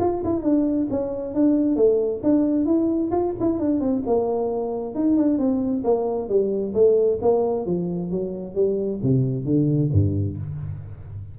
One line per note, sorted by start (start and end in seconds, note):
0.00 0.23 F4
0.25 0.43 E4
0.43 0.88 D4
0.91 1.35 C#4
1.35 1.76 D4
1.76 2.21 A3
2.23 2.66 D4
2.66 3.11 E4
3.12 3.34 F4
3.40 3.60 E4
3.60 3.81 D4
3.81 4.03 C4
4.07 4.95 A#3
4.95 5.17 D#4
5.17 5.39 D4
5.39 5.84 C4
5.84 6.29 A#3
6.29 6.74 G3
6.74 7.19 A3
7.22 7.66 A#3
7.66 8.11 F3
8.11 8.55 F#3
8.55 9.00 G3
9.03 9.45 C3
9.45 9.90 D3
9.93 10.38 G2